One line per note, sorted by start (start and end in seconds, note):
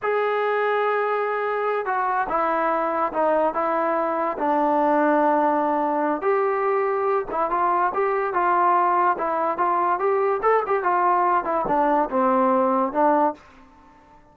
0.02 1.85 G#4
1.85 2.27 F#4
2.29 3.12 E4
3.12 3.53 D#4
3.53 4.37 E4
4.38 6.21 D4
6.21 7.25 G4
7.31 7.50 E4
7.50 7.92 F4
7.93 8.33 G4
8.33 9.17 F4
9.18 9.57 E4
9.57 9.99 F4
9.99 10.41 G4
10.42 10.63 A4
10.66 10.83 G4
10.83 11.44 F4
11.44 11.65 E4
11.67 12.09 D4
12.09 12.92 C4
12.92 13.34 D4